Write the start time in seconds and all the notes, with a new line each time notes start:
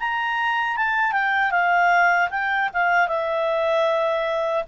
0.00 A#5
0.77 A5
1.12 G5
1.51 F5
2.30 G5
2.73 F5
3.08 E5